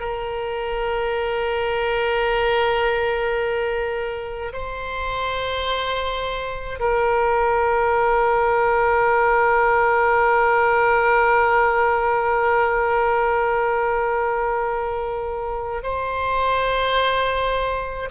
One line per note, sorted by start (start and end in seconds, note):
0.00 4.53 A#4
4.53 6.80 C5
6.80 15.83 A#4
15.83 18.10 C5